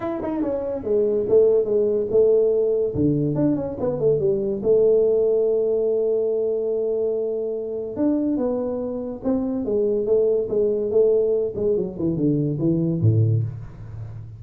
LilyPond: \new Staff \with { instrumentName = "tuba" } { \time 4/4 \tempo 4 = 143 e'8 dis'8 cis'4 gis4 a4 | gis4 a2 d4 | d'8 cis'8 b8 a8 g4 a4~ | a1~ |
a2. d'4 | b2 c'4 gis4 | a4 gis4 a4. gis8 | fis8 e8 d4 e4 a,4 | }